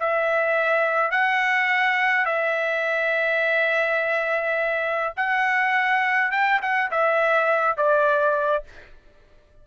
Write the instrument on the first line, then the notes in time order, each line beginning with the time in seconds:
trumpet
0.00 E5
1.11 F#5
2.26 E5
5.16 F#5
6.31 G5
6.62 F#5
6.91 E5
7.77 D5